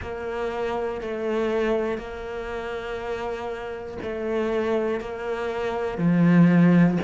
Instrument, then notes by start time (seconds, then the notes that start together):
cello
0.01 A#3
1.01 A3
1.97 A#3
4.02 A3
5.00 A#3
5.97 F3